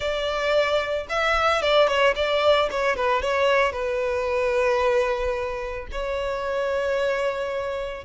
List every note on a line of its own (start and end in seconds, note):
0.00 1.06 D5
1.09 1.62 E5
1.62 1.87 D5
1.87 2.14 C#5
2.15 2.69 D5
2.71 2.96 C#5
2.96 3.21 B4
3.21 3.72 C#5
3.72 5.86 B4
5.91 8.05 C#5